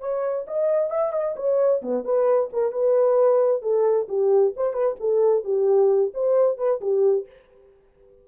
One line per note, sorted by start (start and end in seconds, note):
0.00 0.45 C#5
0.47 0.90 D#5
0.90 1.12 E5
1.12 1.35 D#5
1.36 1.81 C#5
1.82 2.04 B3
2.04 2.50 B4
2.53 2.72 A#4
2.72 3.62 B4
3.62 4.07 A4
4.08 4.54 G4
4.56 4.73 C5
4.73 4.96 B4
5.00 5.44 A4
5.44 6.12 G4
6.14 6.57 C5
6.57 6.80 B4
6.81 7.26 G4